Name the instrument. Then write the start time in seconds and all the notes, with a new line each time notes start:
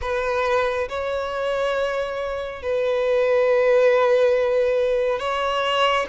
violin
0.01 B4
0.88 C#5
2.62 B4
5.19 C#5